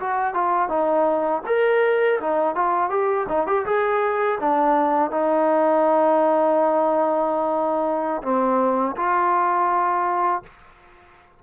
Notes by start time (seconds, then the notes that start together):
0.00 F#4
0.35 F4
0.70 D#4
1.47 A#4
2.21 D#4
2.56 F4
2.91 G4
3.29 D#4
3.47 G4
3.66 G#4
4.41 D4
5.12 D#4
8.23 C4
8.97 F4